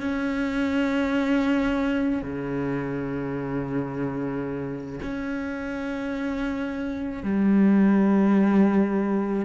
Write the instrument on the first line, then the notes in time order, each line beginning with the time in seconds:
cello
0.00 C#4
2.22 C#3
5.03 C#4
7.23 G3